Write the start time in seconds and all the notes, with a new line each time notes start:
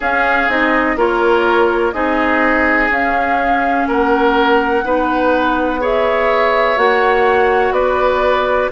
0.00 C#4 G#4 F5
0.48 C4 D#4 D#5
0.96 A#3 F4 A#4 C#5
1.92 C4 D#4 G#4 D#5
2.89 C#4 F5
3.87 A#3 A#4 F#5
4.83 B3 D#4 B4
5.80 G#4 C#5 E5
6.76 A#3 F#4 F#5
7.71 B3 B4 D5